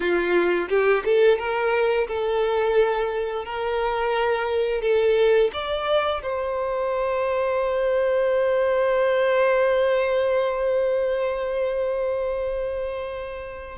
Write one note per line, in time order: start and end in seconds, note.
0.00 0.68 F4
0.69 1.03 G4
1.05 1.38 A4
1.38 2.07 A#4
2.07 3.45 A4
3.45 4.81 A#4
4.81 5.50 A4
5.53 6.22 D5
6.22 13.78 C5